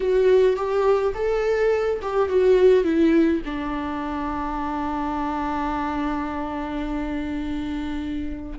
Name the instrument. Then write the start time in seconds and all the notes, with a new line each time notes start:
viola
0.00 F#4
0.56 G4
1.14 A4
2.02 G4
2.29 F#4
2.84 E4
3.45 D4